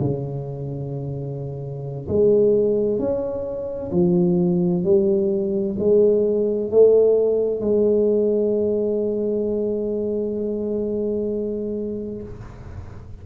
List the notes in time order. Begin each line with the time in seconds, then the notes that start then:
0.00 C#3
2.08 G#3
2.99 C#4
3.92 F3
4.84 G3
5.79 G#3
6.71 A3
7.61 G#3